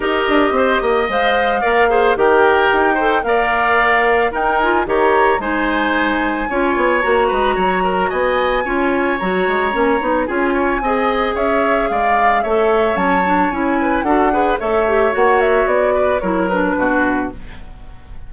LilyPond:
<<
  \new Staff \with { instrumentName = "flute" } { \time 4/4 \tempo 4 = 111 dis''2 f''2 | g''2 f''2 | g''8 gis''8 ais''4 gis''2~ | gis''4 ais''2 gis''4~ |
gis''4 ais''2 gis''4~ | gis''4 e''4 f''4 e''4 | a''4 gis''4 fis''4 e''4 | fis''8 e''8 d''4 cis''8 b'4. | }
  \new Staff \with { instrumentName = "oboe" } { \time 4/4 ais'4 c''8 dis''4. d''8 c''8 | ais'4. c''8 d''2 | ais'4 cis''4 c''2 | cis''4. b'8 cis''8 ais'8 dis''4 |
cis''2. gis'8 cis''8 | dis''4 cis''4 d''4 cis''4~ | cis''4. b'8 a'8 b'8 cis''4~ | cis''4. b'8 ais'4 fis'4 | }
  \new Staff \with { instrumentName = "clarinet" } { \time 4/4 g'2 c''4 ais'8 gis'8 | g'4. a'8 ais'2 | dis'8 f'8 g'4 dis'2 | f'4 fis'2. |
f'4 fis'4 cis'8 dis'8 f'4 | gis'2. a'4 | cis'8 d'8 e'4 fis'8 gis'8 a'8 g'8 | fis'2 e'8 d'4. | }
  \new Staff \with { instrumentName = "bassoon" } { \time 4/4 dis'8 d'8 c'8 ais8 gis4 ais4 | dis4 dis'4 ais2 | dis'4 dis4 gis2 | cis'8 b8 ais8 gis8 fis4 b4 |
cis'4 fis8 gis8 ais8 b8 cis'4 | c'4 cis'4 gis4 a4 | fis4 cis'4 d'4 a4 | ais4 b4 fis4 b,4 | }
>>